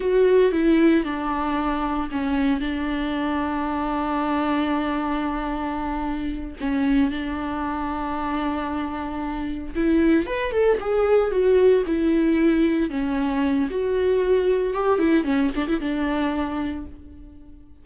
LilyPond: \new Staff \with { instrumentName = "viola" } { \time 4/4 \tempo 4 = 114 fis'4 e'4 d'2 | cis'4 d'2.~ | d'1~ | d'8 cis'4 d'2~ d'8~ |
d'2~ d'8 e'4 b'8 | a'8 gis'4 fis'4 e'4.~ | e'8 cis'4. fis'2 | g'8 e'8 cis'8 d'16 e'16 d'2 | }